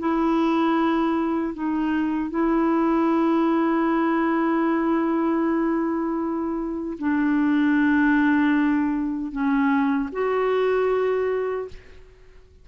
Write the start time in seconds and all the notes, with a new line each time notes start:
0.00 E4
1.54 D#4
2.31 E4
6.99 D4
9.32 C#4
10.13 F#4